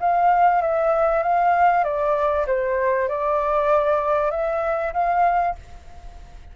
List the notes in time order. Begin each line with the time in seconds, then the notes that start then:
0.00 F5
0.62 E5
1.23 F5
1.84 D5
2.47 C5
3.08 D5
4.30 E5
4.93 F5